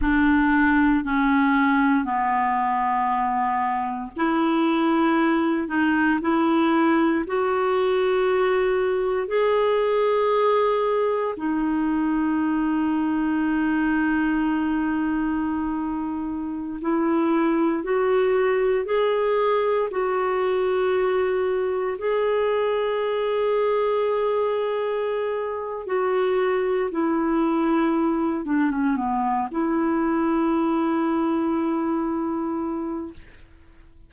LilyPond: \new Staff \with { instrumentName = "clarinet" } { \time 4/4 \tempo 4 = 58 d'4 cis'4 b2 | e'4. dis'8 e'4 fis'4~ | fis'4 gis'2 dis'4~ | dis'1~ |
dis'16 e'4 fis'4 gis'4 fis'8.~ | fis'4~ fis'16 gis'2~ gis'8.~ | gis'4 fis'4 e'4. d'16 cis'16 | b8 e'2.~ e'8 | }